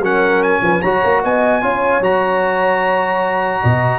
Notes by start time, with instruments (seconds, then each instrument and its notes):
0.00 tuba F#3, trombone C#4, horn A#4, trumpet F#5
0.43 trumpet G#5
0.62 tuba F3, horn B4
0.82 tuba F#3, trombone F#4, horn C#5, trumpet A#5
1.05 tuba A#3
1.24 tuba B3, horn D#5, trumpet G#5
1.62 tuba C#4, trombone F4, horn C#5
2.01 tuba F#3, trombone F#4, trumpet A#5
3.63 tuba B2, horn D#5